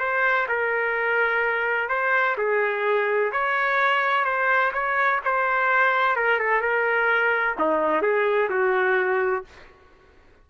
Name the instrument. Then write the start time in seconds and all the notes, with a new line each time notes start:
trumpet
0.00 C5
0.49 A#4
1.89 C5
2.38 G#4
3.32 C#5
4.25 C5
4.73 C#5
5.25 C5
6.16 A#4
6.39 A4
6.61 A#4
7.59 D#4
8.02 G#4
8.50 F#4